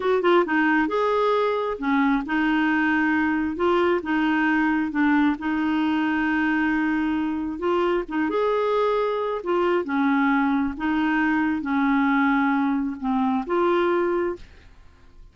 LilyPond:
\new Staff \with { instrumentName = "clarinet" } { \time 4/4 \tempo 4 = 134 fis'8 f'8 dis'4 gis'2 | cis'4 dis'2. | f'4 dis'2 d'4 | dis'1~ |
dis'4 f'4 dis'8 gis'4.~ | gis'4 f'4 cis'2 | dis'2 cis'2~ | cis'4 c'4 f'2 | }